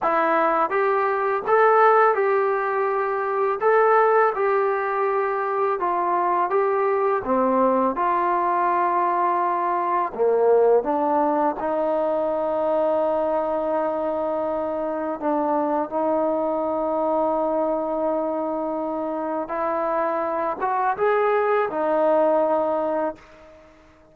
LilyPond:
\new Staff \with { instrumentName = "trombone" } { \time 4/4 \tempo 4 = 83 e'4 g'4 a'4 g'4~ | g'4 a'4 g'2 | f'4 g'4 c'4 f'4~ | f'2 ais4 d'4 |
dis'1~ | dis'4 d'4 dis'2~ | dis'2. e'4~ | e'8 fis'8 gis'4 dis'2 | }